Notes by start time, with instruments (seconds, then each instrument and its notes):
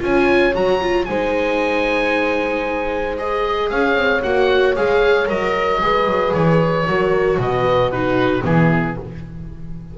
0.00 double bass C#4, viola F4, horn C#5, oboe G#5
0.55 double bass F#3, viola F#4, oboe A#5
0.82 viola F4
1.06 double bass G#3, viola D#4, horn C5, oboe G#5
3.17 viola G#4, oboe D#5
3.70 double bass C#4, horn C#5, oboe F5
3.95 double bass C4
4.23 double bass A#3, viola F#4, oboe F#5
4.76 double bass G#3, viola G#4, oboe F5
5.27 double bass F#3, viola A#4, oboe D#5
5.80 double bass G#3, viola G#4, horn B4
6.06 double bass F#3
6.34 double bass E3, oboe C#5
6.87 double bass F#3, viola F#4, horn A#4
7.38 double bass B2, horn B4, oboe D#5
7.91 viola D#4, horn F#4, oboe B4
8.42 double bass E3, viola B3, horn E4, oboe G#4